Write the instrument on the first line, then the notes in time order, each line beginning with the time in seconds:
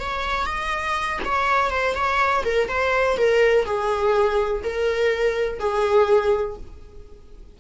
viola
0.00 C#5
0.46 D#5
1.25 C#5
1.71 C5
1.95 C#5
2.45 A#4
2.69 C5
3.17 A#4
3.65 G#4
4.64 A#4
5.59 G#4